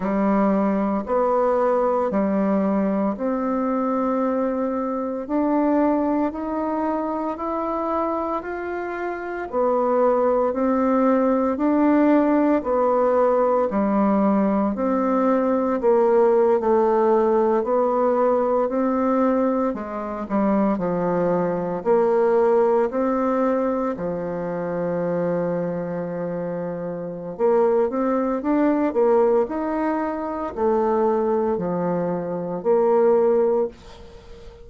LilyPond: \new Staff \with { instrumentName = "bassoon" } { \time 4/4 \tempo 4 = 57 g4 b4 g4 c'4~ | c'4 d'4 dis'4 e'4 | f'4 b4 c'4 d'4 | b4 g4 c'4 ais8. a16~ |
a8. b4 c'4 gis8 g8 f16~ | f8. ais4 c'4 f4~ f16~ | f2 ais8 c'8 d'8 ais8 | dis'4 a4 f4 ais4 | }